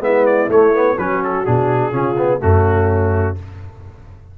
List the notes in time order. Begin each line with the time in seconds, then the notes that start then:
0.00 G#3 B3 E4 E5
0.25 D5
0.48 A3 C#5
0.73 B3
0.97 F#3 C#4 F#4 B4
1.24 A4
1.45 B2 D4 G#4
1.91 C#3 C#4 F4
2.17 B3
2.40 F#2 A3 C#4 F#4